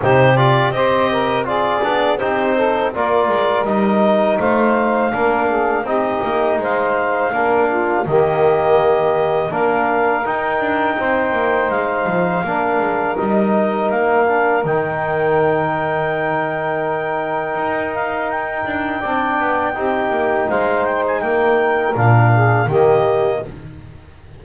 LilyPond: <<
  \new Staff \with { instrumentName = "clarinet" } { \time 4/4 \tempo 4 = 82 c''8 d''8 dis''4 d''4 c''4 | d''4 dis''4 f''2 | dis''4 f''2 dis''4~ | dis''4 f''4 g''2 |
f''2 dis''4 f''4 | g''1~ | g''8 f''8 g''2. | f''8 g''16 gis''16 g''4 f''4 dis''4 | }
  \new Staff \with { instrumentName = "saxophone" } { \time 4/4 g'4 c''8 ais'8 gis'4 g'8 a'8 | ais'2 c''4 ais'8 gis'8 | g'4 c''4 ais'8 f'8 g'4~ | g'4 ais'2 c''4~ |
c''4 ais'2.~ | ais'1~ | ais'2 d''4 g'4 | c''4 ais'4. gis'8 g'4 | }
  \new Staff \with { instrumentName = "trombone" } { \time 4/4 dis'8 f'8 g'4 f'8 d'8 dis'4 | f'4 dis'2 d'4 | dis'2 d'4 ais4~ | ais4 d'4 dis'2~ |
dis'4 d'4 dis'4. d'8 | dis'1~ | dis'2 d'4 dis'4~ | dis'2 d'4 ais4 | }
  \new Staff \with { instrumentName = "double bass" } { \time 4/4 c4 c'4. b8 c'4 | ais8 gis8 g4 a4 ais4 | c'8 ais8 gis4 ais4 dis4~ | dis4 ais4 dis'8 d'8 c'8 ais8 |
gis8 f8 ais8 gis8 g4 ais4 | dis1 | dis'4. d'8 c'8 b8 c'8 ais8 | gis4 ais4 ais,4 dis4 | }
>>